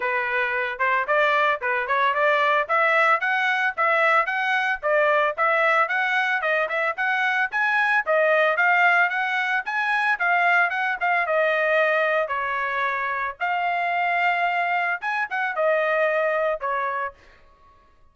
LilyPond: \new Staff \with { instrumentName = "trumpet" } { \time 4/4 \tempo 4 = 112 b'4. c''8 d''4 b'8 cis''8 | d''4 e''4 fis''4 e''4 | fis''4 d''4 e''4 fis''4 | dis''8 e''8 fis''4 gis''4 dis''4 |
f''4 fis''4 gis''4 f''4 | fis''8 f''8 dis''2 cis''4~ | cis''4 f''2. | gis''8 fis''8 dis''2 cis''4 | }